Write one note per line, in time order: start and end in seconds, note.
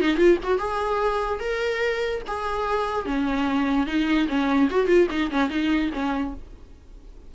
0.00 0.16 D#4
0.16 0.37 F4
0.43 0.58 F#4
0.58 1.39 G#4
1.39 2.21 A#4
2.27 3.05 G#4
3.05 3.86 C#4
3.86 4.27 D#4
4.28 4.68 C#4
4.70 4.87 F#4
4.87 5.07 F4
5.10 5.30 D#4
5.30 5.49 C#4
5.49 5.90 D#4
5.93 6.34 C#4